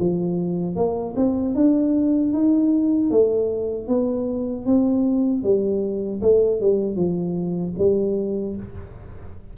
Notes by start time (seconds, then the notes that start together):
0.00 F3
0.76 A#3
1.17 C4
1.55 D4
2.34 D#4
3.11 A3
3.88 B3
4.66 C4
5.44 G3
6.22 A3
6.61 G3
6.96 F3
7.79 G3